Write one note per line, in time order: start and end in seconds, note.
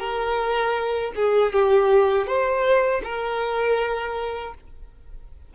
0.00 1.12 A#4
1.16 1.53 G#4
1.53 2.27 G4
2.27 3.02 C5
3.04 4.54 A#4